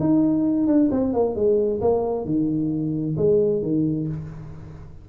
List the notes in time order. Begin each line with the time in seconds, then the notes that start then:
0.00 D#4
0.67 D4
0.91 C4
1.13 A#3
1.35 G#3
1.81 A#3
2.25 D#3
3.17 G#3
3.62 D#3